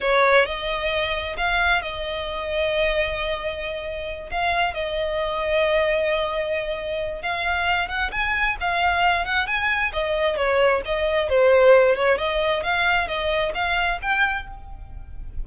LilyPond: \new Staff \with { instrumentName = "violin" } { \time 4/4 \tempo 4 = 133 cis''4 dis''2 f''4 | dis''1~ | dis''4. f''4 dis''4.~ | dis''1 |
f''4. fis''8 gis''4 f''4~ | f''8 fis''8 gis''4 dis''4 cis''4 | dis''4 c''4. cis''8 dis''4 | f''4 dis''4 f''4 g''4 | }